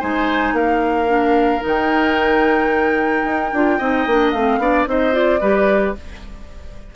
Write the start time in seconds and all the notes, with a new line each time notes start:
0.00 G#3 D#4 C5 G#5
0.53 A#3 A#4 F5
1.07 D4
1.61 D#3 D#4
1.68 G5
3.24 D#4
3.53 D4 F4
3.78 C4 D#4 D#5
4.07 A#3 D4
4.31 A3 C4 F5
4.59 B3 D4 D5
4.87 C4 D#4 C5 D#5
5.12 F4 D5
5.41 G3 G4 B4